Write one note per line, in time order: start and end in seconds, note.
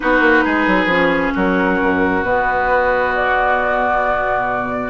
0.00 0.20 B3
0.00 0.89 D#4
0.00 0.44 F#4
0.00 1.33 B4
0.20 0.42 A#3
0.44 0.66 G#3
0.44 1.33 G#4
0.66 0.85 F#3
0.85 1.30 F3
0.85 2.23 C#4
1.34 1.80 F#3
1.34 4.90 F#4
1.34 2.23 A#4
1.81 2.24 F#2
2.23 4.90 B2
2.23 4.90 B3
2.23 3.13 B4
3.15 4.90 D5